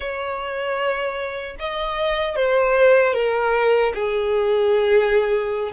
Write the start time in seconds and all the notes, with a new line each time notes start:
0.00 C#5
1.59 D#5
2.36 C5
3.13 A#4
3.94 G#4